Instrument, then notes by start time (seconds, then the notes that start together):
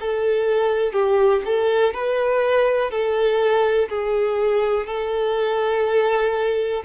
violin
0.00 A4
0.93 G4
1.45 A4
1.94 B4
2.91 A4
3.89 G#4
4.86 A4